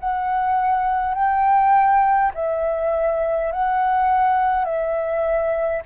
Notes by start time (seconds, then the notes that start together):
0.00 F#5
1.14 G5
2.34 E5
3.52 F#5
4.65 E5